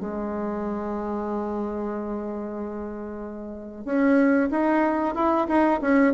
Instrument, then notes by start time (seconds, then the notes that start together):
bassoon
0.00 G#3
3.85 C#4
4.51 D#4
5.15 E4
5.48 D#4
5.82 C#4